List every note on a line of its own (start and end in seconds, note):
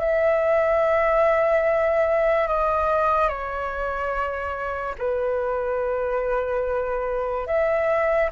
0.00 2.48 E5
2.48 3.29 D#5
3.29 4.95 C#5
4.99 7.47 B4
7.47 8.30 E5